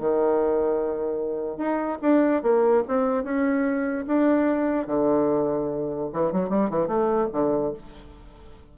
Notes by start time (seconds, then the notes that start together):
0.00 D#3
1.58 D#4
2.02 D4
2.43 A#3
2.88 C4
3.24 C#4
4.07 D4
4.87 D3
6.13 E3
6.32 F#3
6.49 G3
6.70 E3
6.87 A3
7.33 D3